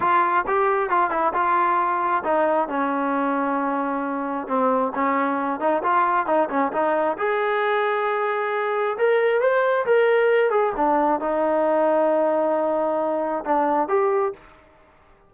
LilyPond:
\new Staff \with { instrumentName = "trombone" } { \time 4/4 \tempo 4 = 134 f'4 g'4 f'8 e'8 f'4~ | f'4 dis'4 cis'2~ | cis'2 c'4 cis'4~ | cis'8 dis'8 f'4 dis'8 cis'8 dis'4 |
gis'1 | ais'4 c''4 ais'4. gis'8 | d'4 dis'2.~ | dis'2 d'4 g'4 | }